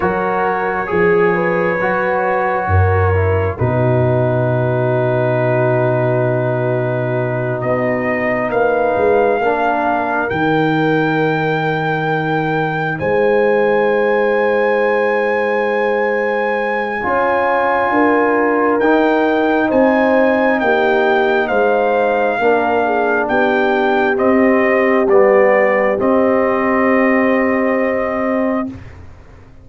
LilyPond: <<
  \new Staff \with { instrumentName = "trumpet" } { \time 4/4 \tempo 4 = 67 cis''1 | b'1~ | b'8 dis''4 f''2 g''8~ | g''2~ g''8 gis''4.~ |
gis''1~ | gis''4 g''4 gis''4 g''4 | f''2 g''4 dis''4 | d''4 dis''2. | }
  \new Staff \with { instrumentName = "horn" } { \time 4/4 ais'4 gis'8 b'4. ais'4 | fis'1~ | fis'4. b'4 ais'4.~ | ais'2~ ais'8 c''4.~ |
c''2. cis''4 | ais'2 c''4 g'4 | c''4 ais'8 gis'8 g'2~ | g'1 | }
  \new Staff \with { instrumentName = "trombone" } { \time 4/4 fis'4 gis'4 fis'4. e'8 | dis'1~ | dis'2~ dis'8 d'4 dis'8~ | dis'1~ |
dis'2. f'4~ | f'4 dis'2.~ | dis'4 d'2 c'4 | b4 c'2. | }
  \new Staff \with { instrumentName = "tuba" } { \time 4/4 fis4 f4 fis4 fis,4 | b,1~ | b,8 b4 ais8 gis8 ais4 dis8~ | dis2~ dis8 gis4.~ |
gis2. cis'4 | d'4 dis'4 c'4 ais4 | gis4 ais4 b4 c'4 | g4 c'2. | }
>>